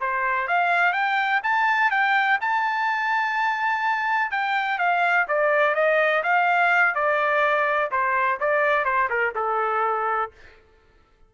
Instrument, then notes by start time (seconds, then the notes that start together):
trumpet
0.00 C5
0.47 F5
0.93 G5
1.43 A5
1.90 G5
2.40 A5
4.31 G5
4.78 F5
5.28 D5
5.74 D#5
6.23 F5
6.94 D5
7.91 C5
8.40 D5
8.84 C5
9.09 A#4
9.35 A4